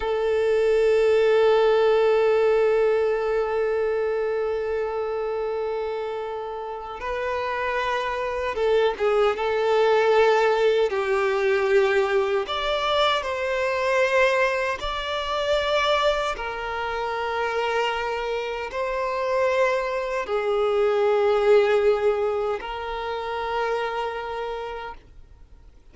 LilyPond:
\new Staff \with { instrumentName = "violin" } { \time 4/4 \tempo 4 = 77 a'1~ | a'1~ | a'4 b'2 a'8 gis'8 | a'2 g'2 |
d''4 c''2 d''4~ | d''4 ais'2. | c''2 gis'2~ | gis'4 ais'2. | }